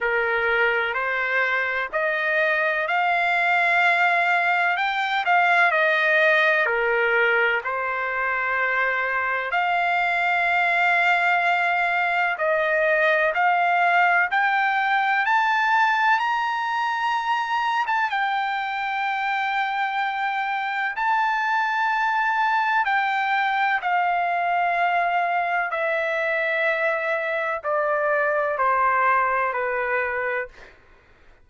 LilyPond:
\new Staff \with { instrumentName = "trumpet" } { \time 4/4 \tempo 4 = 63 ais'4 c''4 dis''4 f''4~ | f''4 g''8 f''8 dis''4 ais'4 | c''2 f''2~ | f''4 dis''4 f''4 g''4 |
a''4 ais''4.~ ais''16 a''16 g''4~ | g''2 a''2 | g''4 f''2 e''4~ | e''4 d''4 c''4 b'4 | }